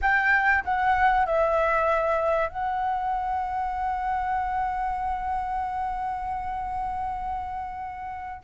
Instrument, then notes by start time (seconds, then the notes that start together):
flute
0.01 G5
0.64 F#5
1.26 E5
2.48 F#5